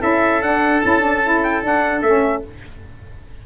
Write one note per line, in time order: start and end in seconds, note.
0.00 0.42 C#4
0.00 0.41 E4
0.00 2.43 A4
0.00 0.42 E5
0.42 0.83 D4
0.42 0.81 F#5
0.81 1.63 C#4
0.81 1.00 E4
0.81 1.41 A5
1.00 1.20 D4
1.23 1.62 E4
1.43 1.63 G5
1.62 2.03 D4
1.62 2.02 D4
1.62 2.02 F#5
2.02 2.43 A3
2.02 2.46 C#4
2.02 2.42 E5